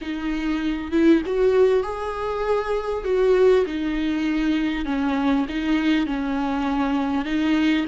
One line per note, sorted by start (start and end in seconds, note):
0.01 0.91 D#4
0.91 1.21 E4
1.26 1.83 F#4
1.83 3.04 G#4
3.04 3.65 F#4
3.66 4.85 D#4
4.85 5.45 C#4
5.48 6.06 D#4
6.06 7.25 C#4
7.25 7.85 D#4